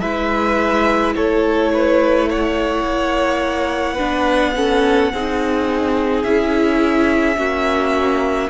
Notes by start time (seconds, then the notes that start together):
0.00 G#3 E4 B4 E5
1.15 A3 A4 C#5
1.74 B4
2.29 C#5 F#5
2.84 A#3
3.94 D4 B4
4.01 B3
4.55 C#4 A4
5.13 C4 D#4 G#4
6.23 C#4 E4 E5
7.36 A#3 C#4 F#4